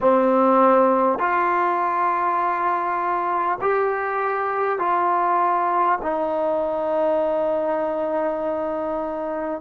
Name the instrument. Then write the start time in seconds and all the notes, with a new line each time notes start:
trombone
0.01 C4
1.18 F4
3.61 G4
4.78 F4
6.02 D#4